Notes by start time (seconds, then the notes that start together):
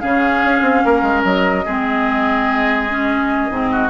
0.00 C#3 C#4 G#4 F5
0.45 C#4
0.62 C4
0.85 A#3 A#4
1.02 G#3
1.24 F#3 D#5
1.65 G#3 C4 G#4
2.90 C#4
3.50 G#2 C4
3.71 F#4